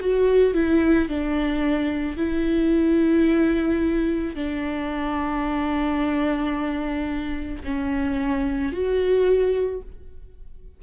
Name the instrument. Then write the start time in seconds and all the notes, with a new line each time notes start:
viola
0.00 F#4
0.54 E4
1.09 D4
2.17 E4
4.35 D4
7.64 C#4
8.72 F#4